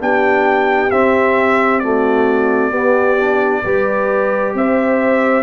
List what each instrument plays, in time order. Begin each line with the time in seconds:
0.00 tuba B3, trombone D4, horn G4, trumpet G5
0.91 trombone C4, tuba C4, trumpet E5
1.80 trombone A3, horn F#4, trumpet D5
2.71 tuba B3, trombone B3, horn G4
3.19 trombone D4
3.65 tuba G3, trombone G4, horn B4
4.55 tuba C4, horn C5, trumpet E5